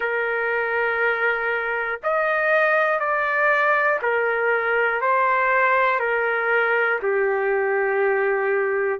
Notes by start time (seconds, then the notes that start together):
0.00 A#4
2.03 D#5
2.99 D5
4.01 A#4
5.01 C5
5.99 A#4
7.02 G4